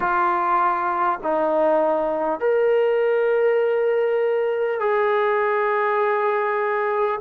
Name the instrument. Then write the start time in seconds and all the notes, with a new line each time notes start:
trombone
0.00 F4
1.23 D#4
2.39 A#4
4.79 G#4